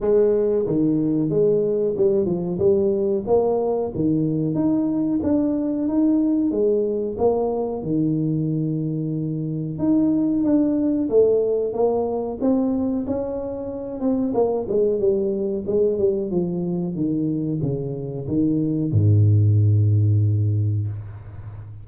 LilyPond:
\new Staff \with { instrumentName = "tuba" } { \time 4/4 \tempo 4 = 92 gis4 dis4 gis4 g8 f8 | g4 ais4 dis4 dis'4 | d'4 dis'4 gis4 ais4 | dis2. dis'4 |
d'4 a4 ais4 c'4 | cis'4. c'8 ais8 gis8 g4 | gis8 g8 f4 dis4 cis4 | dis4 gis,2. | }